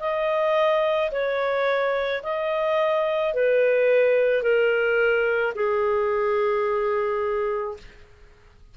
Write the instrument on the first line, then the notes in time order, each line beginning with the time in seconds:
clarinet
0.00 D#5
1.12 C#5
2.23 D#5
3.34 B4
4.43 A#4
5.55 G#4